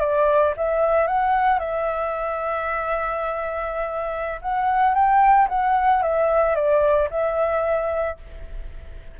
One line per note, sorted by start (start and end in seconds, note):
0.00 0.54 D5
0.56 1.07 E5
1.07 1.59 F#5
1.59 4.40 E5
4.41 4.94 F#5
4.94 5.48 G5
5.49 6.02 F#5
6.02 6.55 E5
6.55 7.09 D5
7.10 8.17 E5